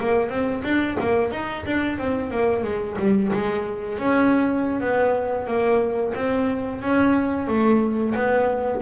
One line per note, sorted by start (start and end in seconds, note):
0.00 0.29 A#3
0.29 0.63 C4
0.63 0.97 D4
1.00 1.32 A#3
1.32 1.65 D#4
1.66 1.98 D4
1.98 2.31 C4
2.31 2.63 A#3
2.63 2.96 G#3
2.98 3.32 G3
3.33 3.98 G#3
3.98 4.80 C#4
4.80 5.47 B3
5.47 6.13 A#3
6.15 6.81 C4
6.81 7.47 C#4
7.47 8.14 A3
8.15 8.82 B3